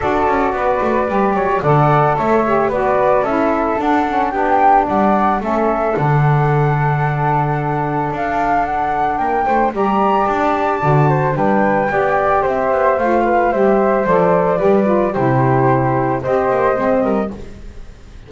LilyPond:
<<
  \new Staff \with { instrumentName = "flute" } { \time 4/4 \tempo 4 = 111 d''2. fis''4 | e''4 d''4 e''4 fis''4 | g''4 fis''4 e''4 fis''4~ | fis''2. f''4 |
fis''4 g''4 ais''4 a''4~ | a''4 g''2 e''4 | f''4 e''4 d''2 | c''2 dis''2 | }
  \new Staff \with { instrumentName = "flute" } { \time 4/4 a'4 b'4. cis''8 d''4 | cis''4 b'4 a'2 | g'4 d''4 a'2~ | a'1~ |
a'4 ais'8 c''8 d''2~ | d''8 c''8 b'4 d''4 c''4~ | c''8 b'8 c''2 b'4 | g'2 c''4. ais'8 | }
  \new Staff \with { instrumentName = "saxophone" } { \time 4/4 fis'2 g'4 a'4~ | a'8 g'8 fis'4 e'4 d'8 cis'8 | d'2 cis'4 d'4~ | d'1~ |
d'2 g'2 | fis'4 d'4 g'2 | f'4 g'4 a'4 g'8 f'8 | e'2 g'4 c'4 | }
  \new Staff \with { instrumentName = "double bass" } { \time 4/4 d'8 cis'8 b8 a8 g8 fis8 d4 | a4 b4 cis'4 d'4 | b4 g4 a4 d4~ | d2. d'4~ |
d'4 ais8 a8 g4 d'4 | d4 g4 b4 c'8 b8 | a4 g4 f4 g4 | c2 c'8 ais8 gis8 g8 | }
>>